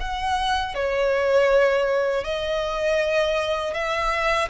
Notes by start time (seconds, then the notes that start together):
0.00 F#5
0.75 C#5
2.24 D#5
3.74 E5